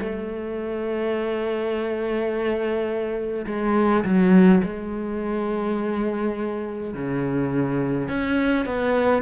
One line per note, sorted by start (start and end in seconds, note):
0.00 3.46 A3
3.47 4.04 G#3
4.05 4.63 F#3
4.64 6.94 G#3
6.94 8.09 C#3
8.09 8.66 C#4
8.66 9.23 B3